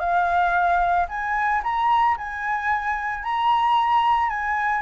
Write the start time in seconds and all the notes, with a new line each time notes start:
0.00 F5
1.09 G#5
1.64 A#5
2.17 G#5
3.24 A#5
4.30 G#5